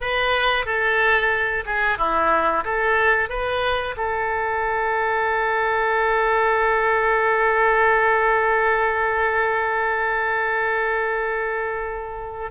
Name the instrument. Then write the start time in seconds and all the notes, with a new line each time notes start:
oboe
0.00 B4
0.65 A4
1.65 G#4
1.98 E4
2.64 A4
3.29 B4
3.97 A4